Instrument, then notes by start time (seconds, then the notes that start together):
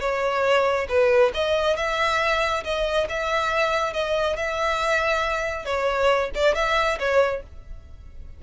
violin
0.00 C#5
0.89 B4
1.34 D#5
1.77 E5
2.64 D#5
3.09 E5
3.93 D#5
4.37 E5
5.65 C#5
6.35 D5
6.55 E5
6.99 C#5